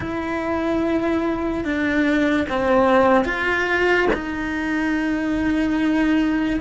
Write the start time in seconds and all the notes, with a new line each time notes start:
0.00 E4
1.64 D4
2.49 C4
3.24 F4
4.13 D#4